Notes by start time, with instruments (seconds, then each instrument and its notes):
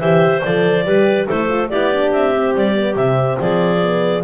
0.00 double bass E3, horn G4, clarinet C5 E5
0.43 double bass F3, horn A4, clarinet D5
0.85 double bass G3, horn G4, clarinet B4
1.27 double bass A3, horn E4, clarinet A4 C5
1.49 horn F4
1.69 double bass B3, horn E4, clarinet G4 D5
1.93 horn D4
2.12 double bass C4, clarinet E5
2.35 horn C4
2.56 double bass G3, clarinet D5
2.75 horn B3
2.96 double bass C3, horn C4, clarinet E5
3.40 double bass F3, clarinet G#4 D5
3.82 horn B3